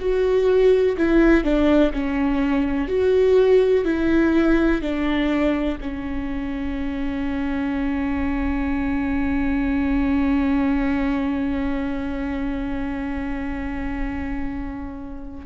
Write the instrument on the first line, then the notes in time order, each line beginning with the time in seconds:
viola
0.00 F#4
0.98 E4
1.44 D4
1.94 C#4
2.89 F#4
3.85 E4
4.82 D4
5.82 C#4